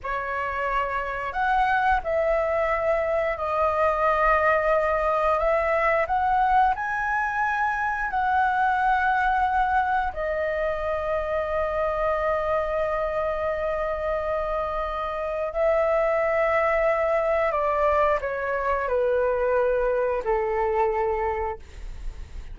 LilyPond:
\new Staff \with { instrumentName = "flute" } { \time 4/4 \tempo 4 = 89 cis''2 fis''4 e''4~ | e''4 dis''2. | e''4 fis''4 gis''2 | fis''2. dis''4~ |
dis''1~ | dis''2. e''4~ | e''2 d''4 cis''4 | b'2 a'2 | }